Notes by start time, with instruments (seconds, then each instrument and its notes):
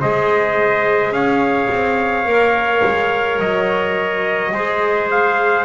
0.00 double bass G#3, clarinet G#4, trumpet C5 D#5
1.11 double bass C#4, trumpet C#5 F5
1.70 double bass C4
2.24 double bass A#3, clarinet A#4
2.85 double bass G#3
3.39 double bass F#3, trumpet D#5
4.52 double bass G#3, clarinet G#4, trumpet C5
5.11 trumpet F5